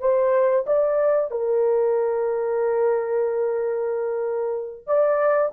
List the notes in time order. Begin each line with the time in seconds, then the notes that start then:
0.00 C5
0.67 D5
1.31 A#4
4.87 D5